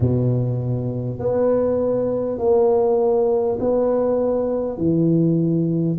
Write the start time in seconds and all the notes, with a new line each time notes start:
0.00 B2
1.19 B3
2.38 A#3
3.59 B3
4.77 E3